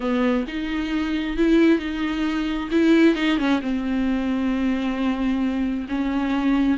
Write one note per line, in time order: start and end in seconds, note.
0.00 0.45 B3
0.47 1.37 D#4
1.37 1.78 E4
1.78 2.69 D#4
2.71 3.15 E4
3.15 3.38 D#4
3.38 3.60 C#4
3.61 5.87 C4
5.89 6.77 C#4